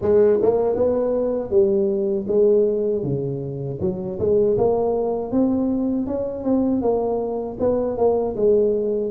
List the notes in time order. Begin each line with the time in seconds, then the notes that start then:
0.01 G#3
0.41 A#3
0.75 B3
1.50 G3
2.28 G#3
3.03 C#3
3.80 F#3
4.19 G#3
4.57 A#3
5.31 C4
6.07 C#4
6.43 C4
6.81 A#3
7.59 B3
7.97 A#3
8.35 G#3